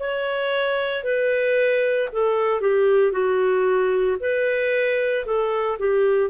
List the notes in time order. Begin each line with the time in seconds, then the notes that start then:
0.00 C#5
1.04 B4
2.13 A4
2.61 G4
3.12 F#4
4.20 B4
5.26 A4
5.79 G4